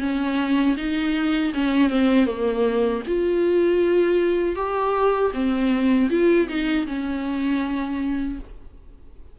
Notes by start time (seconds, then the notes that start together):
0.00 C#4
0.77 D#4
1.54 C#4
1.90 C4
2.26 A#3
3.07 F4
4.56 G4
5.33 C4
6.10 F4
6.48 D#4
6.87 C#4